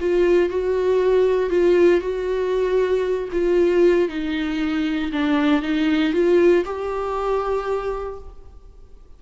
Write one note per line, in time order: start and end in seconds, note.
0.00 0.49 F4
0.49 1.49 F#4
1.49 2.00 F4
2.00 3.29 F#4
3.32 4.08 F4
4.08 5.11 D#4
5.12 5.62 D4
5.62 6.13 D#4
6.13 6.64 F4
6.65 8.19 G4